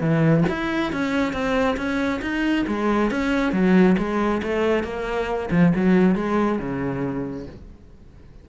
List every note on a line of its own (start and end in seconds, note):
0.00 0.44 E3
0.48 0.92 E4
0.92 1.32 C#4
1.32 1.76 C4
1.76 2.20 C#4
2.21 2.65 D#4
2.67 3.10 G#3
3.10 3.52 C#4
3.52 3.96 F#3
3.98 4.41 G#3
4.43 4.83 A3
4.83 5.49 A#3
5.51 5.73 F3
5.76 6.15 F#3
6.15 6.59 G#3
6.59 7.46 C#3